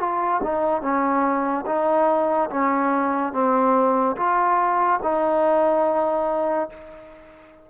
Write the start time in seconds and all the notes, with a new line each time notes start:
0.00 F4
0.44 D#4
0.82 C#4
1.67 D#4
2.50 C#4
3.33 C4
4.17 F4
5.03 D#4